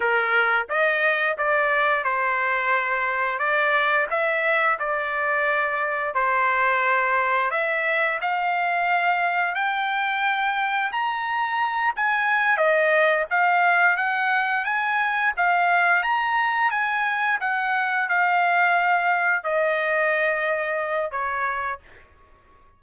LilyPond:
\new Staff \with { instrumentName = "trumpet" } { \time 4/4 \tempo 4 = 88 ais'4 dis''4 d''4 c''4~ | c''4 d''4 e''4 d''4~ | d''4 c''2 e''4 | f''2 g''2 |
ais''4. gis''4 dis''4 f''8~ | f''8 fis''4 gis''4 f''4 ais''8~ | ais''8 gis''4 fis''4 f''4.~ | f''8 dis''2~ dis''8 cis''4 | }